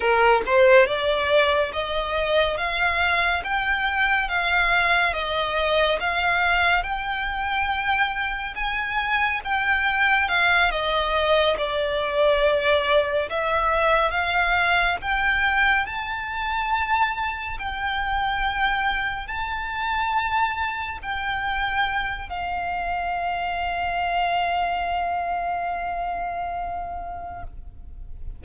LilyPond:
\new Staff \with { instrumentName = "violin" } { \time 4/4 \tempo 4 = 70 ais'8 c''8 d''4 dis''4 f''4 | g''4 f''4 dis''4 f''4 | g''2 gis''4 g''4 | f''8 dis''4 d''2 e''8~ |
e''8 f''4 g''4 a''4.~ | a''8 g''2 a''4.~ | a''8 g''4. f''2~ | f''1 | }